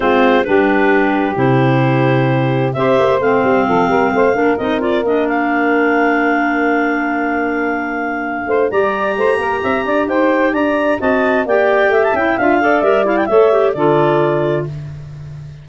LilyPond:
<<
  \new Staff \with { instrumentName = "clarinet" } { \time 4/4 \tempo 4 = 131 c''4 b'2 c''4~ | c''2 e''4 f''4~ | f''2 dis''8 d''8 dis''8 f''8~ | f''1~ |
f''2. ais''4~ | ais''2 g''4 ais''4 | a''4 g''4~ g''16 a''16 g''8 f''4 | e''8 f''16 g''16 e''4 d''2 | }
  \new Staff \with { instrumentName = "saxophone" } { \time 4/4 f'4 g'2.~ | g'2 c''2 | a'8 ais'8 c''8 ais'2~ ais'8~ | ais'1~ |
ais'2~ ais'8 c''8 d''4 | c''8 ais'8 e''8 d''8 c''4 d''4 | dis''4 d''4 e''4. d''8~ | d''4 cis''4 a'2 | }
  \new Staff \with { instrumentName = "clarinet" } { \time 4/4 c'4 d'2 e'4~ | e'2 g'4 c'4~ | c'4. d'8 dis'8 f'8 d'4~ | d'1~ |
d'2. g'4~ | g'1 | fis'4 g'4. e'8 f'8 a'8 | ais'8 e'8 a'8 g'8 f'2 | }
  \new Staff \with { instrumentName = "tuba" } { \time 4/4 gis4 g2 c4~ | c2 c'8 ais8 a8 g8 | f8 g8 a8 ais8 c'4 ais4~ | ais1~ |
ais2~ ais8 a8 g4 | a8 ais8 c'8 d'8 dis'4 d'4 | c'4 ais4 a8 cis'8 d'4 | g4 a4 d2 | }
>>